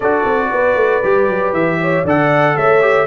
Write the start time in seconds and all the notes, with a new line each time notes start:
0.00 D4 F#4 A4 D5
0.25 C4
0.51 B3 B4
0.75 A3
1.03 G3 G4
1.27 F#3
1.52 E3 E5
1.81 C#5
2.03 D3 A4 D5 F#5
2.56 A3 C#5 E5
2.81 G4